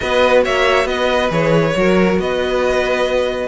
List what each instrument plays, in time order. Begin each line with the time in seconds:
0.00 cello B3, viola F#4, violin B4 D#5
0.43 cello A#3, violin C#5 E5
0.85 cello B3, violin B4 D#5
1.29 cello E3, viola G#4, violin C#5
1.75 cello F#3, viola F#4, violin A#4
2.18 cello B3, violin B4 D#5